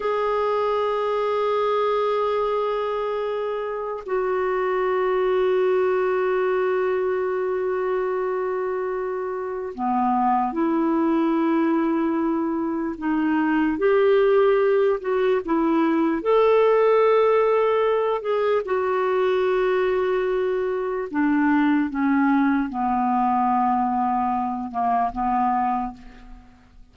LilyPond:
\new Staff \with { instrumentName = "clarinet" } { \time 4/4 \tempo 4 = 74 gis'1~ | gis'4 fis'2.~ | fis'1 | b4 e'2. |
dis'4 g'4. fis'8 e'4 | a'2~ a'8 gis'8 fis'4~ | fis'2 d'4 cis'4 | b2~ b8 ais8 b4 | }